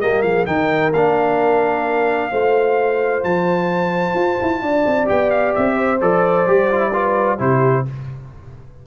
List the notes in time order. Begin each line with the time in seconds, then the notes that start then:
0.00 G3 A#3 G4 D#5
0.22 F3 G#4 F5
0.46 D#3 D#4 A#4 G5
0.92 A#3 D4 F5
2.31 A3 F4 C5
3.23 F3 A5
4.14 F4
4.42 E4
4.62 D4 D5
4.86 C4
5.05 B3 G4 G5
5.30 F5
5.55 C4 E5
5.76 C5
6.01 F3 A4 D5
6.47 G3 G4
6.71 F4
6.80 E4
6.92 F4 B4
7.38 C3 E4 G4 C5